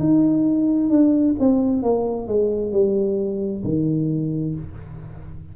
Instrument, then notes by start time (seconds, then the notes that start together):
tuba
0.00 D#4
0.90 D4
1.40 C4
1.83 A#3
2.28 G#3
2.72 G3
3.64 D#3